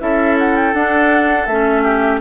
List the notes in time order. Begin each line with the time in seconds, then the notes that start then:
0.00 C#4 E4 A4 E5
0.38 F#5
0.56 G5
0.74 D4 F#5
1.46 A3 C#4 E5
1.83 G4